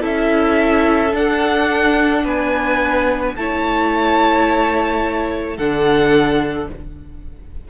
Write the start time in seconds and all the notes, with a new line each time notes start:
0.00 C#4 E4 A4 E5
1.12 D4 F#5
2.24 B3 B4 G#5
3.36 A3 E4 C#5 A5
5.57 D3 D4 A4 F#5